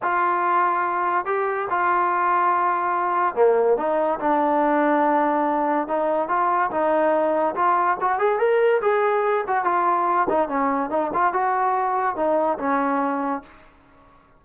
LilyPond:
\new Staff \with { instrumentName = "trombone" } { \time 4/4 \tempo 4 = 143 f'2. g'4 | f'1 | ais4 dis'4 d'2~ | d'2 dis'4 f'4 |
dis'2 f'4 fis'8 gis'8 | ais'4 gis'4. fis'8 f'4~ | f'8 dis'8 cis'4 dis'8 f'8 fis'4~ | fis'4 dis'4 cis'2 | }